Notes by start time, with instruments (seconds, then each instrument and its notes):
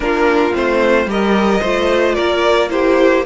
0.00 cello A#3, viola D4, violin F4 A#4
0.53 cello A3, viola C4, violin C5
1.06 cello G3, viola G4, violin A#4 D#5
1.61 cello A3, viola F4, violin C5
2.15 cello A#3, violin A#4 D5
2.69 viola E4, violin G4 C5